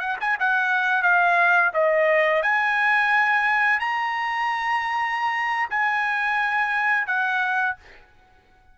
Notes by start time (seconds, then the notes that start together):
0.00 F#5
0.21 G#5
0.40 F#5
1.03 F5
1.74 D#5
2.43 G#5
3.80 A#5
5.71 G#5
7.07 F#5